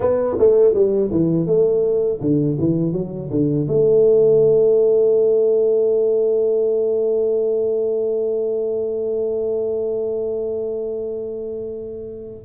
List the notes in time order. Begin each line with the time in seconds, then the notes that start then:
0.00 B3
0.38 A3
0.74 G3
1.11 E3
1.46 A3
2.21 D3
2.59 E3
2.92 F#3
3.30 D3
3.68 A3